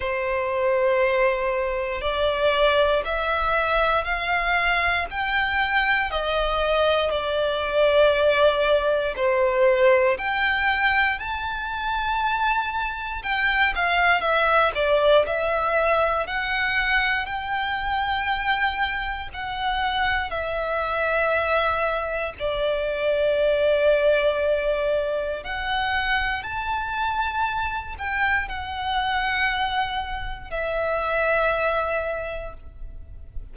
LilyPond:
\new Staff \with { instrumentName = "violin" } { \time 4/4 \tempo 4 = 59 c''2 d''4 e''4 | f''4 g''4 dis''4 d''4~ | d''4 c''4 g''4 a''4~ | a''4 g''8 f''8 e''8 d''8 e''4 |
fis''4 g''2 fis''4 | e''2 d''2~ | d''4 fis''4 a''4. g''8 | fis''2 e''2 | }